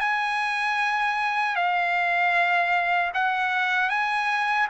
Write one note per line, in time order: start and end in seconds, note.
0.00 1.56 G#5
1.56 3.12 F5
3.14 3.90 F#5
3.90 4.68 G#5